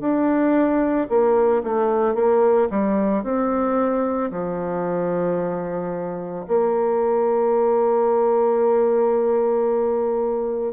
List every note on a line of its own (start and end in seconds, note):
0.00 1.07 D4
1.09 1.63 A#3
1.64 2.15 A3
2.15 2.68 A#3
2.70 3.23 G3
3.23 4.31 C4
4.31 6.45 F3
6.48 10.73 A#3